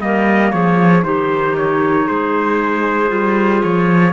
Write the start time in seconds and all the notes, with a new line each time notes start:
0.00 G3 A#3 A#4 D#5
0.51 F3 G#4 C#5
1.02 D#3 D#4 G4 C5
1.57 C#5
2.05 G#3 G#4 C5
3.07 G3 F4
3.62 F3 C#5